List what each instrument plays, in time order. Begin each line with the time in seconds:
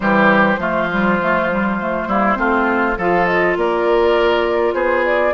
0.00 bassoon E3, clarinet G3, oboe G4, flute C5
0.56 bassoon F3, clarinet A3, oboe F4
0.90 clarinet G3
1.21 clarinet A3
1.50 clarinet G3
1.80 clarinet A3
2.07 bassoon G3, clarinet A#3, oboe E4
2.35 bassoon A3, clarinet C4, oboe F4
2.97 bassoon F3, clarinet F4, oboe A4, flute F5
3.25 flute D#5
3.56 bassoon A#3, oboe A#4, flute D5
4.73 bassoon B3, oboe G#4, flute C5
5.04 flute D5